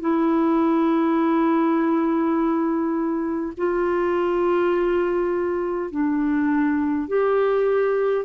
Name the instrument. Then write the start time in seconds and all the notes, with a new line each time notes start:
clarinet
0.00 E4
3.57 F4
5.90 D4
7.08 G4